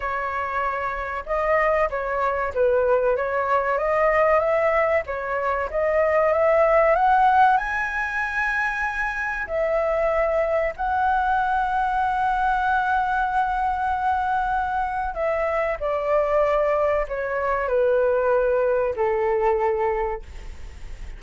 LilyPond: \new Staff \with { instrumentName = "flute" } { \time 4/4 \tempo 4 = 95 cis''2 dis''4 cis''4 | b'4 cis''4 dis''4 e''4 | cis''4 dis''4 e''4 fis''4 | gis''2. e''4~ |
e''4 fis''2.~ | fis''1 | e''4 d''2 cis''4 | b'2 a'2 | }